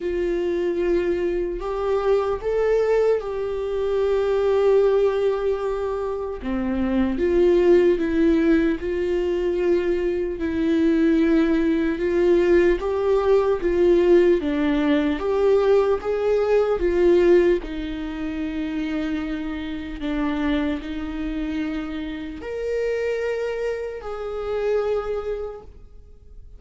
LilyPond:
\new Staff \with { instrumentName = "viola" } { \time 4/4 \tempo 4 = 75 f'2 g'4 a'4 | g'1 | c'4 f'4 e'4 f'4~ | f'4 e'2 f'4 |
g'4 f'4 d'4 g'4 | gis'4 f'4 dis'2~ | dis'4 d'4 dis'2 | ais'2 gis'2 | }